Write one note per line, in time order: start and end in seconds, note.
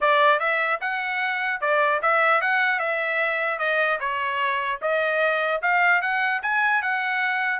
0.00 0.39 D5
0.39 0.79 E5
0.81 1.60 F#5
1.60 2.00 D5
2.02 2.41 E5
2.41 2.79 F#5
2.79 3.58 E5
3.58 3.98 D#5
4.00 4.80 C#5
4.81 5.61 D#5
5.62 6.01 F5
6.01 6.41 F#5
6.42 6.82 G#5
6.82 7.59 F#5